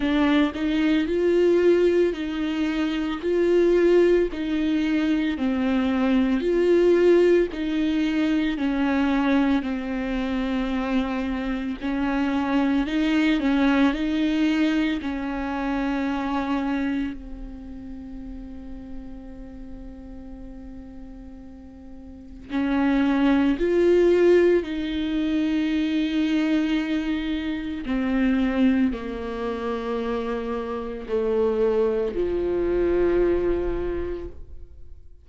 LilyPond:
\new Staff \with { instrumentName = "viola" } { \time 4/4 \tempo 4 = 56 d'8 dis'8 f'4 dis'4 f'4 | dis'4 c'4 f'4 dis'4 | cis'4 c'2 cis'4 | dis'8 cis'8 dis'4 cis'2 |
c'1~ | c'4 cis'4 f'4 dis'4~ | dis'2 c'4 ais4~ | ais4 a4 f2 | }